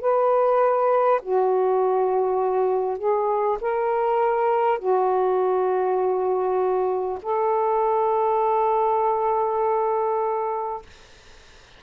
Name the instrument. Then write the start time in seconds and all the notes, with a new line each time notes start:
saxophone
0.00 B4
1.22 F#4
2.97 G#4
3.61 A#4
4.78 F#4
7.22 A4